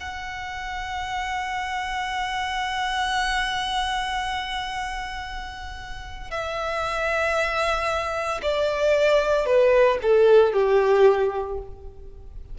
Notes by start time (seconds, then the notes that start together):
0.00 F#5
6.30 E5
8.42 D5
9.45 B4
10.02 A4
10.53 G4